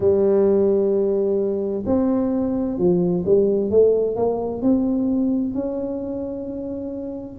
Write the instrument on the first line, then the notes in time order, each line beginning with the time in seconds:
tuba
0.00 G3
1.85 C4
2.77 F3
3.25 G3
3.70 A3
4.16 A#3
4.62 C4
5.54 C#4